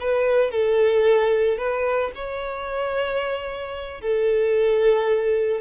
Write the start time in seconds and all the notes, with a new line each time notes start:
0.00 B4
0.51 A4
1.57 B4
2.15 C#5
4.01 A4